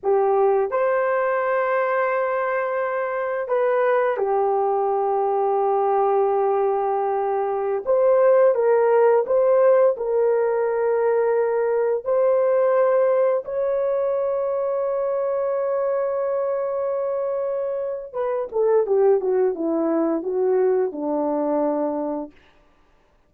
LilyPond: \new Staff \with { instrumentName = "horn" } { \time 4/4 \tempo 4 = 86 g'4 c''2.~ | c''4 b'4 g'2~ | g'2.~ g'16 c''8.~ | c''16 ais'4 c''4 ais'4.~ ais'16~ |
ais'4~ ais'16 c''2 cis''8.~ | cis''1~ | cis''2 b'8 a'8 g'8 fis'8 | e'4 fis'4 d'2 | }